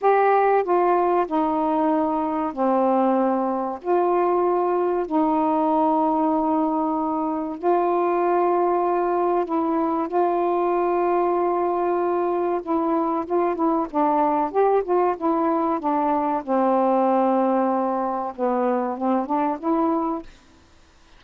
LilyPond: \new Staff \with { instrumentName = "saxophone" } { \time 4/4 \tempo 4 = 95 g'4 f'4 dis'2 | c'2 f'2 | dis'1 | f'2. e'4 |
f'1 | e'4 f'8 e'8 d'4 g'8 f'8 | e'4 d'4 c'2~ | c'4 b4 c'8 d'8 e'4 | }